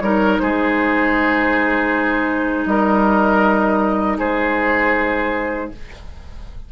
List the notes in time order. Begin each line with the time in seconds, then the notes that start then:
0.00 G3 D#4 A#4 C#5
0.39 G#3 G#4 C5
2.65 G3 A#4 D#5
4.19 G#3 G#4 C5